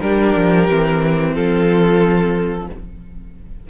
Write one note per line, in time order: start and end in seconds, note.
0.00 0.34 G3
0.00 0.68 D4
0.00 1.34 G4
0.00 1.33 A#4
0.36 0.69 F3
0.68 1.36 E3
0.68 2.68 C4
1.34 2.69 F3
1.34 2.68 F4
1.34 2.67 A4